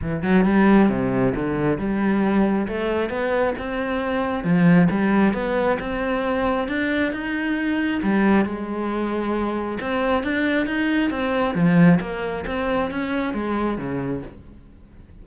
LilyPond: \new Staff \with { instrumentName = "cello" } { \time 4/4 \tempo 4 = 135 e8 fis8 g4 c4 d4 | g2 a4 b4 | c'2 f4 g4 | b4 c'2 d'4 |
dis'2 g4 gis4~ | gis2 c'4 d'4 | dis'4 c'4 f4 ais4 | c'4 cis'4 gis4 cis4 | }